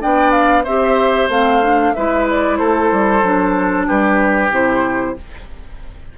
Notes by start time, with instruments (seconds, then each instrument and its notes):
0.00 bassoon B3, clarinet D4, oboe D5, flute G5
0.32 flute F5
0.64 bassoon C4, clarinet G4, oboe C5, flute E5
1.29 bassoon A3, clarinet C4, flute F5
1.62 clarinet D4
1.94 bassoon G#3, clarinet E4, oboe B4, flute E5
2.31 flute D5
2.57 bassoon A3, oboe A4, flute C5
2.92 bassoon G3
3.23 bassoon F#3, clarinet D4
3.88 bassoon G3, oboe G4, flute B4
4.51 bassoon C3, clarinet E4, flute C5